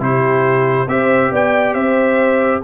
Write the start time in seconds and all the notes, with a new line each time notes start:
0.00 C3 E4 G4 C5
0.88 C4 G4 C5 E5
1.32 B3 D5 G5
1.74 C4 C5 E5